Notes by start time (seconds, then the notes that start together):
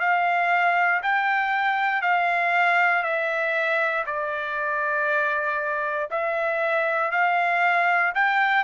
0.00 F5
1.03 G5
2.02 F5
3.03 E5
4.06 D5
6.11 E5
7.11 F5
8.15 G5